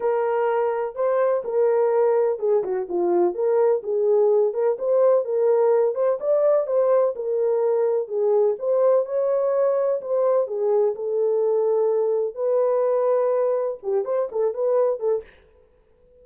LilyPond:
\new Staff \with { instrumentName = "horn" } { \time 4/4 \tempo 4 = 126 ais'2 c''4 ais'4~ | ais'4 gis'8 fis'8 f'4 ais'4 | gis'4. ais'8 c''4 ais'4~ | ais'8 c''8 d''4 c''4 ais'4~ |
ais'4 gis'4 c''4 cis''4~ | cis''4 c''4 gis'4 a'4~ | a'2 b'2~ | b'4 g'8 c''8 a'8 b'4 a'8 | }